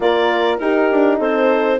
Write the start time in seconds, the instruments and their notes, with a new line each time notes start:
0.00 bassoon A#3, horn F4 A#4, clarinet D5
0.57 bassoon D#4, horn D#4 G4, clarinet A#4
0.91 bassoon D4
1.18 bassoon C4, horn A4, clarinet C5